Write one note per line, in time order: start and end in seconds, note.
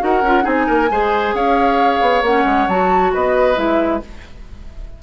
0.00 0.22 D#4
0.00 0.22 F#4
0.00 0.44 A#4
0.00 0.46 F#5
0.22 0.44 C#4
0.22 0.43 F4
0.43 0.68 C4
0.43 0.87 D#4
0.43 0.66 G#4
0.43 1.35 G#5
0.67 0.91 A#3
0.67 0.89 A#4
0.91 1.34 G#3
0.91 2.25 G#4
0.91 1.35 C5
1.34 2.01 C#4
1.34 3.13 C#5
1.34 2.24 F5
2.01 2.22 B3
2.22 2.44 A#3
2.22 2.70 C#4
2.22 2.69 F#5
2.45 2.67 G#3
2.68 3.13 F#3
2.68 3.56 F#4
2.68 3.14 A5
3.14 3.57 B3
3.14 4.03 B4
3.14 3.59 D#5
3.56 4.02 G#3
3.56 4.00 E4
3.56 4.03 E5